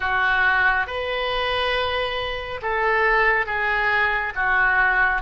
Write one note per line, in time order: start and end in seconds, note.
0.00 0.87 F#4
0.87 2.60 B4
2.62 3.46 A4
3.46 4.33 G#4
4.35 5.21 F#4